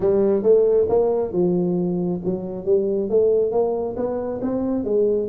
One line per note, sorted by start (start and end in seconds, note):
0.00 0.43 G3
0.43 0.87 A3
0.88 1.32 A#3
1.32 2.20 F3
2.25 2.65 F#3
2.65 3.09 G3
3.09 3.51 A3
3.51 3.95 A#3
3.96 4.40 B3
4.41 4.84 C4
4.84 5.28 G#3